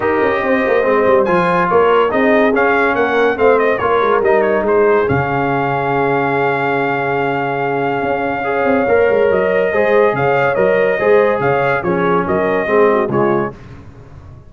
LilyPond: <<
  \new Staff \with { instrumentName = "trumpet" } { \time 4/4 \tempo 4 = 142 dis''2. gis''4 | cis''4 dis''4 f''4 fis''4 | f''8 dis''8 cis''4 dis''8 cis''8 c''4 | f''1~ |
f''1~ | f''2 dis''2 | f''4 dis''2 f''4 | cis''4 dis''2 cis''4 | }
  \new Staff \with { instrumentName = "horn" } { \time 4/4 ais'4 c''2. | ais'4 gis'2 ais'4 | c''4 ais'2 gis'4~ | gis'1~ |
gis'1 | cis''2. c''4 | cis''2 c''4 cis''4 | gis'4 ais'4 gis'8 fis'8 f'4 | }
  \new Staff \with { instrumentName = "trombone" } { \time 4/4 g'2 c'4 f'4~ | f'4 dis'4 cis'2 | c'4 f'4 dis'2 | cis'1~ |
cis'1 | gis'4 ais'2 gis'4~ | gis'4 ais'4 gis'2 | cis'2 c'4 gis4 | }
  \new Staff \with { instrumentName = "tuba" } { \time 4/4 dis'8 cis'8 c'8 ais8 gis8 g8 f4 | ais4 c'4 cis'4 ais4 | a4 ais8 gis8 g4 gis4 | cis1~ |
cis2. cis'4~ | cis'8 c'8 ais8 gis8 fis4 gis4 | cis4 fis4 gis4 cis4 | f4 fis4 gis4 cis4 | }
>>